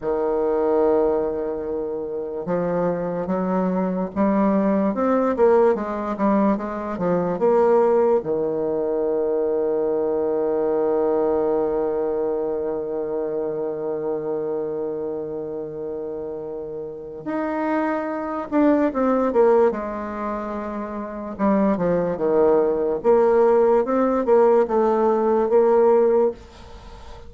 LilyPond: \new Staff \with { instrumentName = "bassoon" } { \time 4/4 \tempo 4 = 73 dis2. f4 | fis4 g4 c'8 ais8 gis8 g8 | gis8 f8 ais4 dis2~ | dis1~ |
dis1~ | dis4 dis'4. d'8 c'8 ais8 | gis2 g8 f8 dis4 | ais4 c'8 ais8 a4 ais4 | }